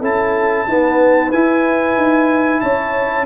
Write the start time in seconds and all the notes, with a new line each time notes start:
0.00 C#4 E4 A4 A5
0.67 B3 D#4 B4
1.32 E4 G#5
1.96 D#4
2.60 C#4 C#5 A5